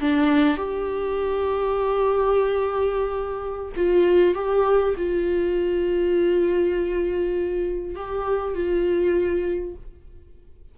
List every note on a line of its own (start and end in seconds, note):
0.00 0.57 D4
0.57 3.72 G4
3.76 4.34 F4
4.34 4.94 G4
4.97 7.95 F4
7.95 8.54 G4
8.54 9.74 F4